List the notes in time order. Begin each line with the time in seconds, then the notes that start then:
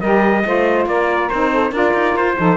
0.00 G3 G4 A#4 D#5
0.43 A3 F4 C5
0.85 A#3 A#4 D5
1.29 C4 D#4 C5
1.52 A4
1.70 D4 F4 A#4 D5
1.93 D#4
2.15 F4 C5
2.37 F3 D#4 A4